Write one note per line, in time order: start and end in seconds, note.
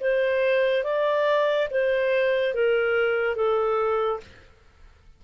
0.00 0.84 C5
0.84 1.68 D5
1.71 2.54 C5
2.54 3.35 A#4
3.35 4.20 A4